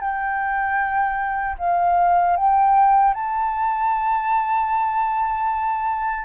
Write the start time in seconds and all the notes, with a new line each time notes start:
0.00 G5
1.58 F5
2.36 G5
3.14 A5